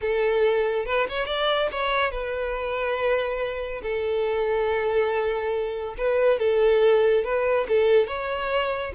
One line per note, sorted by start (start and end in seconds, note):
0.01 0.85 A4
0.85 1.07 B4
1.09 1.26 C#5
1.26 1.68 D5
1.71 2.11 C#5
2.11 3.81 B4
3.82 5.95 A4
5.97 6.39 B4
6.39 7.24 A4
7.24 7.66 B4
7.68 8.07 A4
8.07 8.92 C#5